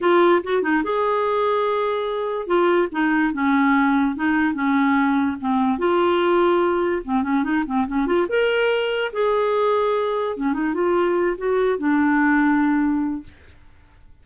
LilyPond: \new Staff \with { instrumentName = "clarinet" } { \time 4/4 \tempo 4 = 145 f'4 fis'8 dis'8 gis'2~ | gis'2 f'4 dis'4 | cis'2 dis'4 cis'4~ | cis'4 c'4 f'2~ |
f'4 c'8 cis'8 dis'8 c'8 cis'8 f'8 | ais'2 gis'2~ | gis'4 cis'8 dis'8 f'4. fis'8~ | fis'8 d'2.~ d'8 | }